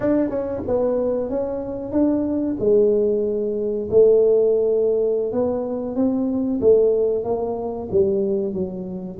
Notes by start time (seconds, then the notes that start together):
0.00 D4
0.29 C#4
0.67 B3
1.29 C#4
1.92 D4
2.59 G#3
3.90 A3
5.32 B3
5.95 C4
6.60 A3
7.23 A#3
7.91 G3
8.53 F#3